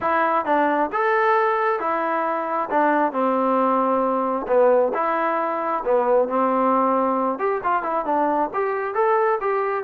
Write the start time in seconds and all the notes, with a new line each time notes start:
0.00 E4
0.45 D4
0.92 A4
1.79 E4
2.70 D4
3.12 C4
4.47 B3
4.94 E4
5.84 B3
6.28 C4
7.38 G4
7.63 F4
7.83 E4
8.05 D4
8.53 G4
8.94 A4
9.41 G4